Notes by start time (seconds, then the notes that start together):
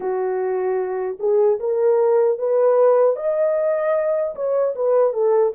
0.00 F#4
1.19 G#4
1.59 A#4
2.38 B4
3.16 D#5
4.35 C#5
4.75 B4
5.13 A4